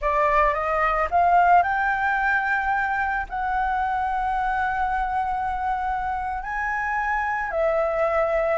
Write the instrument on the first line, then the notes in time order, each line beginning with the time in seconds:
flute
0.01 D5
0.53 D#5
1.11 F5
1.62 G5
3.29 F#5
6.42 G#5
7.50 E5